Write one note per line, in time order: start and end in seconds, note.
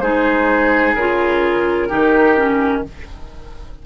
0.00 0.95 G#3
0.00 0.97 D#4
0.00 1.89 G#4
0.00 0.94 C5
0.95 1.89 C#3
0.95 1.90 F4
0.95 2.82 A#4
1.89 2.86 D#3
1.89 2.37 D#4
1.89 2.82 G4
2.37 2.84 C#4